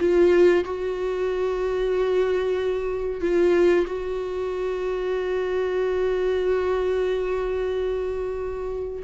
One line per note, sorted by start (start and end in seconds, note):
0.00 0.65 F4
0.65 3.21 F#4
3.21 3.86 F4
3.87 9.03 F#4